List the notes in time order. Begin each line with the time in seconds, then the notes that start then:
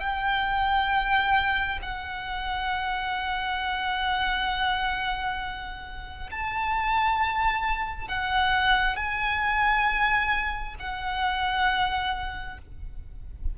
0.00 G5
1.82 F#5
6.31 A5
8.08 F#5
8.96 G#5
10.80 F#5